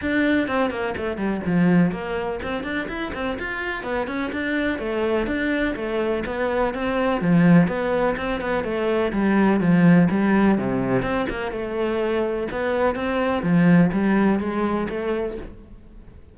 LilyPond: \new Staff \with { instrumentName = "cello" } { \time 4/4 \tempo 4 = 125 d'4 c'8 ais8 a8 g8 f4 | ais4 c'8 d'8 e'8 c'8 f'4 | b8 cis'8 d'4 a4 d'4 | a4 b4 c'4 f4 |
b4 c'8 b8 a4 g4 | f4 g4 c4 c'8 ais8 | a2 b4 c'4 | f4 g4 gis4 a4 | }